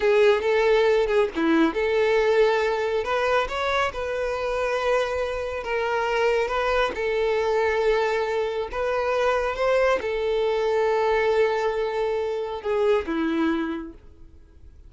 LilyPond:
\new Staff \with { instrumentName = "violin" } { \time 4/4 \tempo 4 = 138 gis'4 a'4. gis'8 e'4 | a'2. b'4 | cis''4 b'2.~ | b'4 ais'2 b'4 |
a'1 | b'2 c''4 a'4~ | a'1~ | a'4 gis'4 e'2 | }